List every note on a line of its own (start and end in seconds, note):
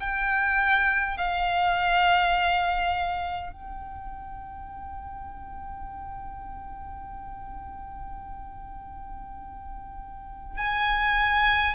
0.00 1.18 G5
1.18 3.52 F5
3.52 10.58 G5
10.58 11.75 G#5